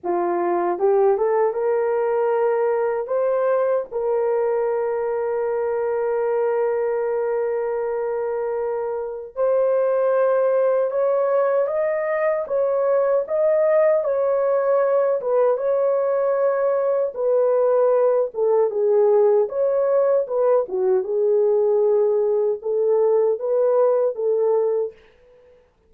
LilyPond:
\new Staff \with { instrumentName = "horn" } { \time 4/4 \tempo 4 = 77 f'4 g'8 a'8 ais'2 | c''4 ais'2.~ | ais'1 | c''2 cis''4 dis''4 |
cis''4 dis''4 cis''4. b'8 | cis''2 b'4. a'8 | gis'4 cis''4 b'8 fis'8 gis'4~ | gis'4 a'4 b'4 a'4 | }